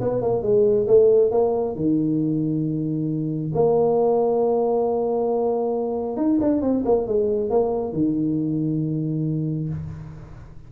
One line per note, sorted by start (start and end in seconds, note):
0.00 0.21 B3
0.21 0.42 A#3
0.42 0.86 G#3
0.87 1.31 A3
1.31 1.75 A#3
1.75 3.52 D#3
3.54 6.16 A#3
6.16 6.39 D#4
6.41 6.62 D4
6.62 6.84 C4
6.85 7.07 A#3
7.07 7.50 G#3
7.50 7.93 A#3
7.93 9.69 D#3